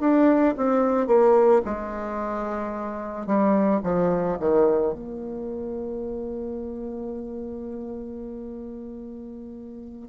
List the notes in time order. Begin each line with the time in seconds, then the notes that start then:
0.00 D4
0.57 C4
1.07 A#3
1.65 G#3
3.26 G3
3.83 F3
4.40 D#3
4.93 A#3